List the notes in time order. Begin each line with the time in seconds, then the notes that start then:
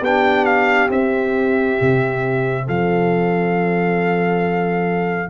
0.00 B3 D4 G4 G5
0.45 F5
0.90 C4 E5
1.81 C3
2.67 F3 A4 F5